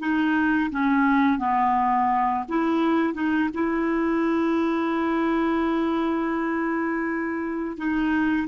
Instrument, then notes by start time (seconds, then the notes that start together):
clarinet
0.00 D#4
0.72 C#4
1.39 B3
2.49 E4
3.14 D#4
3.55 E4
7.78 D#4